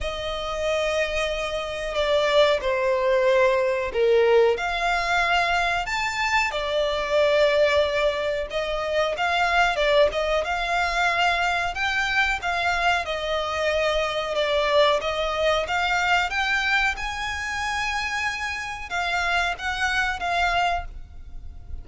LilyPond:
\new Staff \with { instrumentName = "violin" } { \time 4/4 \tempo 4 = 92 dis''2. d''4 | c''2 ais'4 f''4~ | f''4 a''4 d''2~ | d''4 dis''4 f''4 d''8 dis''8 |
f''2 g''4 f''4 | dis''2 d''4 dis''4 | f''4 g''4 gis''2~ | gis''4 f''4 fis''4 f''4 | }